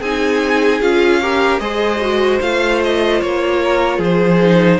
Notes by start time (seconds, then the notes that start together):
0.00 C4 D#4 G#4 G#5
0.81 C#4 F4 F5
1.21 G4 A#4
1.59 G#3 G#4 C5 D#5
2.01 F#4
2.40 A3 F4 F5
2.84 D#5
3.21 A#3 C#5
3.64 A#4
3.98 F3 G#4
4.04 C5
4.41 D#4